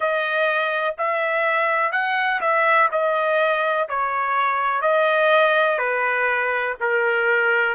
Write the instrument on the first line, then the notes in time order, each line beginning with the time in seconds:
trumpet
0.00 D#5
0.98 E5
1.92 F#5
2.40 E5
2.91 D#5
3.88 C#5
4.81 D#5
5.78 B4
6.80 A#4